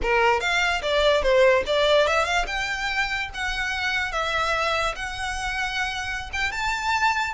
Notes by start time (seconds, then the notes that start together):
0.02 A#4
0.40 F5
0.82 D5
1.22 C5
1.66 D5
2.07 E5
2.25 F5
2.46 G5
3.33 F#5
4.12 E5
4.95 F#5
6.33 G5
6.51 A5